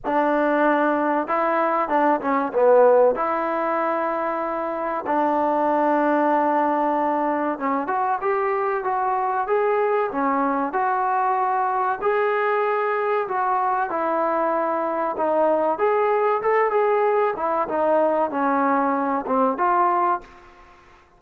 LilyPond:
\new Staff \with { instrumentName = "trombone" } { \time 4/4 \tempo 4 = 95 d'2 e'4 d'8 cis'8 | b4 e'2. | d'1 | cis'8 fis'8 g'4 fis'4 gis'4 |
cis'4 fis'2 gis'4~ | gis'4 fis'4 e'2 | dis'4 gis'4 a'8 gis'4 e'8 | dis'4 cis'4. c'8 f'4 | }